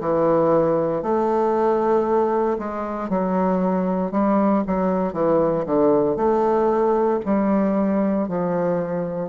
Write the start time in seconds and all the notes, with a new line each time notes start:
0.00 E3
1.03 A3
2.59 G#3
3.09 F#3
4.11 G3
4.67 F#3
5.13 E3
5.66 D3
6.16 A3
7.26 G3
8.29 F3